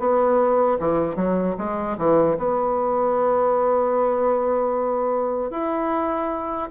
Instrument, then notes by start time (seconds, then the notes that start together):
bassoon
0.00 B3
0.80 E3
1.16 F#3
1.58 G#3
1.98 E3
2.38 B3
5.51 E4